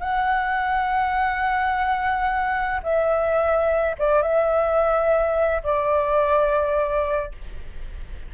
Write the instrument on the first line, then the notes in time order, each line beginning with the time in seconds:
flute
0.00 F#5
2.83 E5
3.98 D5
4.22 E5
5.63 D5